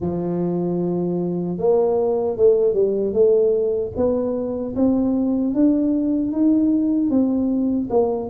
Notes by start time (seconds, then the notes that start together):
0.00 F3
1.58 A#3
2.36 A3
2.73 G3
3.13 A3
3.96 B3
4.75 C4
5.54 D4
6.32 D#4
7.09 C4
7.89 A#3